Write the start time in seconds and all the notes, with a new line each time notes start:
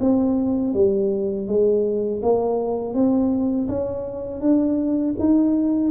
0.00 C4
0.74 G3
1.47 G#3
2.23 A#3
2.94 C4
3.69 C#4
4.41 D4
5.20 D#4